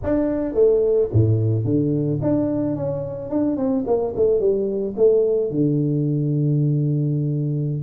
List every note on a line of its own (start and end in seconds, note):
0.03 0.54 D4
0.54 1.09 A3
1.12 1.64 A2
1.64 2.19 D3
2.21 2.76 D4
2.76 3.30 C#4
3.30 3.56 D4
3.56 3.84 C4
3.86 4.14 A#3
4.16 4.39 A3
4.39 4.94 G3
4.97 5.50 A3
5.50 7.82 D3